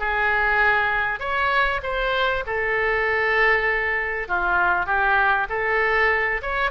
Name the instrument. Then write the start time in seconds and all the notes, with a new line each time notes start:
oboe
0.00 G#4
1.20 C#5
1.83 C5
2.47 A4
4.28 F4
4.86 G4
5.50 A4
6.42 C#5